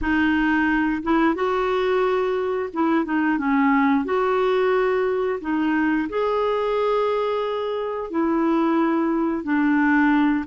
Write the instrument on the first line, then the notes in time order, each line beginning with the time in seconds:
clarinet
0.01 D#4
1.02 E4
1.35 F#4
2.73 E4
3.05 D#4
3.38 C#4
4.04 F#4
5.41 D#4
6.09 G#4
8.10 E4
9.43 D4